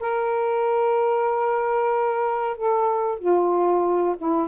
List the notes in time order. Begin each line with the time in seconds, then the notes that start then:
0.00 A#4
2.57 A4
3.19 F4
4.18 E4